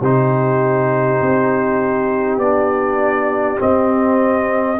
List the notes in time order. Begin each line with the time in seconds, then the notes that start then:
0.00 C3 D#4 G4 C5
1.21 C4
2.38 B3 D4 D5
3.57 C4 D#5